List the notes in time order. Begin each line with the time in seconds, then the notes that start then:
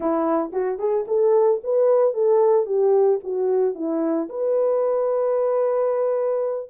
0.00 E4
0.52 F#4
0.79 G#4
1.07 A4
1.63 B4
2.13 A4
2.66 G4
3.23 F#4
3.75 E4
4.29 B4